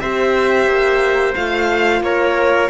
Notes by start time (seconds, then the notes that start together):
0.00 C4 G4 C5 E5
0.67 A#3
1.35 A3 F4 F5
2.01 A#3 A#4 C#5